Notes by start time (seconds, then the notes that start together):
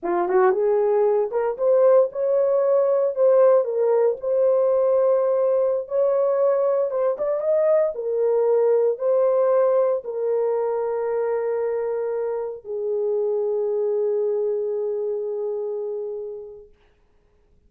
0.02 F4
0.28 F#4
0.51 G#4
1.31 A#4
1.57 C5
2.12 C#5
3.15 C5
3.64 A#4
4.20 C5
5.87 C#5
6.90 C5
7.18 D5
7.40 D#5
7.94 A#4
8.98 C5
10.04 A#4
12.64 G#4